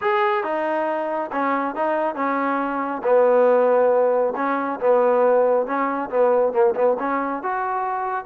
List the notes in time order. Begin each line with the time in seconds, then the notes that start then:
0.01 G#4
0.43 D#4
1.32 C#4
1.75 D#4
2.15 C#4
3.03 B3
4.36 C#4
4.80 B3
5.66 C#4
6.10 B3
6.52 A#3
6.75 B3
6.99 C#4
7.42 F#4